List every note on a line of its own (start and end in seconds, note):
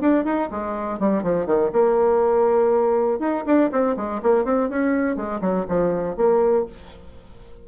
0.00 0.24 D4
0.24 0.49 D#4
0.50 0.99 G#3
0.99 1.23 G3
1.23 1.46 F3
1.46 1.70 D#3
1.72 3.19 A#3
3.19 3.44 D#4
3.46 3.70 D4
3.71 3.96 C4
3.96 4.21 G#3
4.22 4.44 A#3
4.44 4.69 C4
4.69 5.16 C#4
5.16 5.41 G#3
5.41 5.65 F#3
5.68 6.16 F3
6.16 6.65 A#3